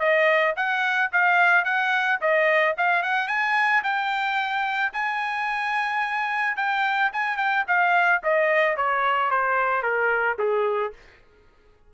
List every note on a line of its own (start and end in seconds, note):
0.00 0.55 D#5
0.57 1.11 F#5
1.13 1.65 F5
1.65 2.20 F#5
2.21 2.76 D#5
2.78 3.03 F5
3.03 3.29 F#5
3.29 3.83 G#5
3.84 4.93 G5
4.93 6.57 G#5
6.57 7.12 G5
7.13 7.38 G#5
7.38 7.65 G5
7.68 8.22 F5
8.24 8.77 D#5
8.77 9.31 C#5
9.31 9.83 C5
9.83 10.38 A#4
10.39 10.94 G#4